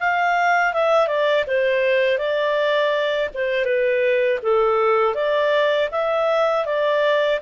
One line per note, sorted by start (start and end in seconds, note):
0.00 0.74 F5
0.74 1.08 E5
1.08 1.45 D5
1.47 2.19 C5
2.19 3.30 D5
3.35 3.65 C5
3.65 4.39 B4
4.43 5.15 A4
5.15 5.89 D5
5.92 6.66 E5
6.66 7.40 D5